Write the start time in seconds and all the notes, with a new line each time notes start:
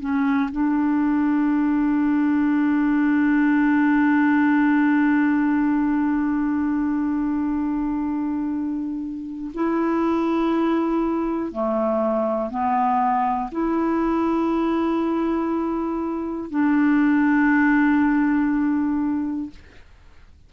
0.00 C#4
0.51 D4
9.54 E4
11.52 A3
12.50 B3
13.51 E4
16.50 D4